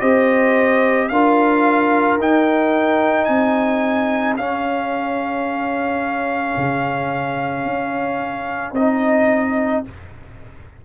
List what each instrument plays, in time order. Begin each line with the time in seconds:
0.00 tuba C4, trombone G4, horn C5, trumpet D#5
1.08 tuba D4, trombone F4, horn A#4, trumpet F5
2.18 tuba D#4, trombone D#4, trumpet G5
3.24 tuba C4, horn G#4, trumpet G#5
4.36 tuba C#4, trombone C#4, trumpet F5
6.56 tuba C#3
7.65 tuba C#4
8.72 tuba C4, trombone D#4, trumpet D#5